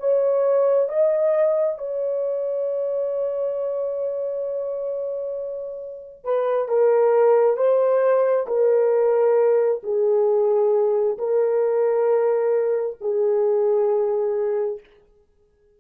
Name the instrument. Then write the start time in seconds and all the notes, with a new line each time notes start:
horn
0.00 C#5
0.89 D#5
1.78 C#5
6.24 B4
6.68 A#4
7.57 C5
8.47 A#4
9.83 G#4
11.18 A#4
13.01 G#4